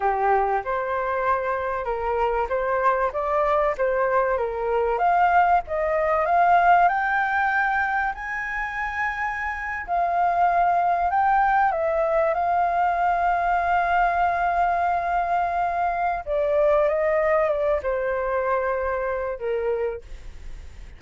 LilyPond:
\new Staff \with { instrumentName = "flute" } { \time 4/4 \tempo 4 = 96 g'4 c''2 ais'4 | c''4 d''4 c''4 ais'4 | f''4 dis''4 f''4 g''4~ | g''4 gis''2~ gis''8. f''16~ |
f''4.~ f''16 g''4 e''4 f''16~ | f''1~ | f''2 d''4 dis''4 | d''8 c''2~ c''8 ais'4 | }